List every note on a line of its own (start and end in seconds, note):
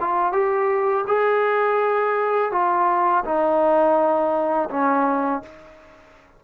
0.00 0.32 F4
0.32 1.04 G4
1.07 2.52 G#4
2.52 3.24 F4
3.25 4.69 D#4
4.70 5.42 C#4